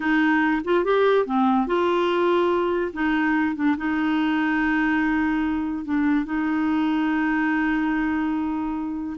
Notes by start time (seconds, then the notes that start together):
0.00 D#4
0.64 F4
0.84 G4
1.26 C4
1.66 F4
2.93 D#4
3.55 D4
3.77 D#4
5.84 D4
6.25 D#4